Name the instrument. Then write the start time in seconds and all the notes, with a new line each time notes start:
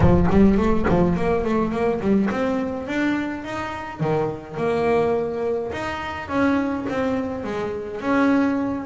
double bass
0.00 F3
0.30 G3
0.57 A3
0.88 F3
1.16 A#3
1.44 A3
1.71 A#3
2.01 G3
2.30 C4
2.87 D4
3.44 D#4
4.00 D#3
4.57 A#3
5.71 D#4
6.28 C#4
6.89 C4
7.44 G#3
8.00 C#4